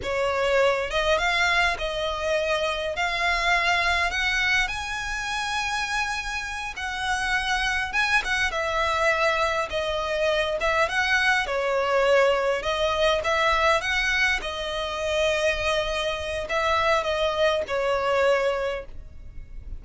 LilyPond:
\new Staff \with { instrumentName = "violin" } { \time 4/4 \tempo 4 = 102 cis''4. dis''8 f''4 dis''4~ | dis''4 f''2 fis''4 | gis''2.~ gis''8 fis''8~ | fis''4. gis''8 fis''8 e''4.~ |
e''8 dis''4. e''8 fis''4 cis''8~ | cis''4. dis''4 e''4 fis''8~ | fis''8 dis''2.~ dis''8 | e''4 dis''4 cis''2 | }